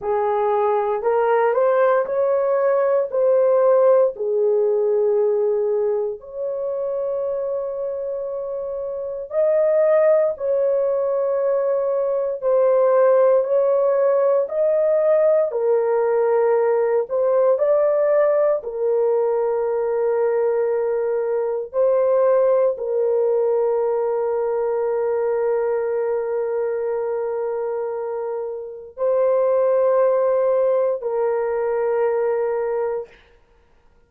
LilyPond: \new Staff \with { instrumentName = "horn" } { \time 4/4 \tempo 4 = 58 gis'4 ais'8 c''8 cis''4 c''4 | gis'2 cis''2~ | cis''4 dis''4 cis''2 | c''4 cis''4 dis''4 ais'4~ |
ais'8 c''8 d''4 ais'2~ | ais'4 c''4 ais'2~ | ais'1 | c''2 ais'2 | }